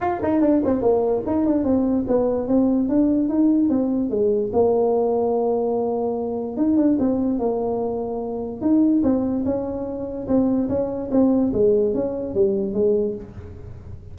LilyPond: \new Staff \with { instrumentName = "tuba" } { \time 4/4 \tempo 4 = 146 f'8 dis'8 d'8 c'8 ais4 dis'8 d'8 | c'4 b4 c'4 d'4 | dis'4 c'4 gis4 ais4~ | ais1 |
dis'8 d'8 c'4 ais2~ | ais4 dis'4 c'4 cis'4~ | cis'4 c'4 cis'4 c'4 | gis4 cis'4 g4 gis4 | }